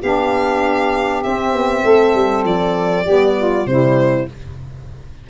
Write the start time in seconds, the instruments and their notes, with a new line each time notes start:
0.00 tuba B3, saxophone D4 G4, violin F5
1.23 saxophone C4, tuba C4, violin E5
1.54 tuba B3
1.85 tuba A3, saxophone A4
2.15 tuba G3
2.45 tuba F3, violin D5
3.04 tuba G3, saxophone B3 G4
3.38 saxophone F4
3.66 tuba C3, saxophone G3 E4, violin C5